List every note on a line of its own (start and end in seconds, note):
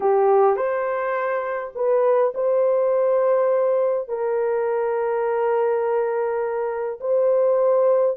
0.00 0.56 G4
0.56 1.73 C5
1.75 2.33 B4
2.34 4.08 C5
4.08 6.99 A#4
7.00 8.17 C5